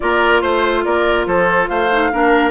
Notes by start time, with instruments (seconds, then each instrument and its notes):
0.00 bassoon A#3, clarinet F4, oboe A#4, flute D5
0.41 bassoon A3, flute C5, oboe C5
0.84 bassoon A#3, oboe A#4, flute D5
1.26 bassoon F3, oboe A4, flute C5
1.68 bassoon A3, oboe C5, flute F5
1.91 clarinet D#4
2.12 bassoon A#3, clarinet D4, oboe A#4